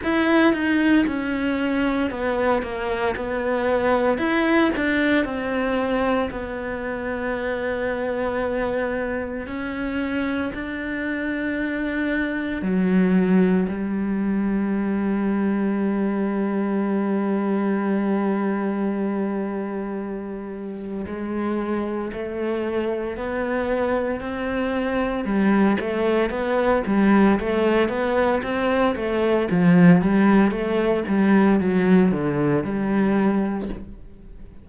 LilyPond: \new Staff \with { instrumentName = "cello" } { \time 4/4 \tempo 4 = 57 e'8 dis'8 cis'4 b8 ais8 b4 | e'8 d'8 c'4 b2~ | b4 cis'4 d'2 | fis4 g2.~ |
g1 | gis4 a4 b4 c'4 | g8 a8 b8 g8 a8 b8 c'8 a8 | f8 g8 a8 g8 fis8 d8 g4 | }